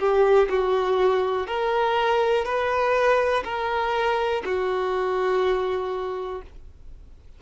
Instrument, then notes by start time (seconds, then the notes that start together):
violin
0.00 G4
0.50 F#4
1.48 A#4
2.45 B4
3.44 A#4
4.45 F#4